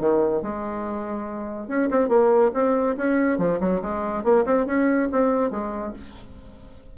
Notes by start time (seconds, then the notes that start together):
0.00 D#3
0.43 G#3
1.68 C#4
1.91 C4
2.09 A#3
2.54 C4
2.97 C#4
3.39 F3
3.61 F#3
3.82 G#3
4.24 A#3
4.46 C4
4.67 C#4
5.12 C4
5.51 G#3